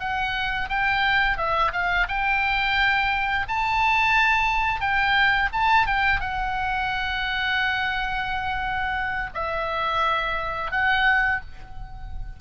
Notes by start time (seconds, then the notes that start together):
0.00 F#5
0.69 G5
1.37 E5
1.73 F5
2.08 G5
3.48 A5
4.81 G5
5.52 A5
5.87 G5
6.20 F#5
9.34 E5
10.71 F#5